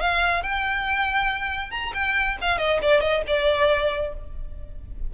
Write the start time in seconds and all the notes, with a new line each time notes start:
0.00 F5
0.43 G5
1.71 A#5
1.94 G5
2.41 F5
2.58 D#5
2.82 D5
3.00 D#5
3.27 D5